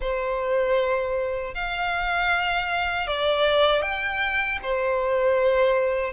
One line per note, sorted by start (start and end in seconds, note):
0.00 1.54 C5
1.54 3.07 F5
3.07 3.81 D5
3.81 4.58 G5
4.62 6.13 C5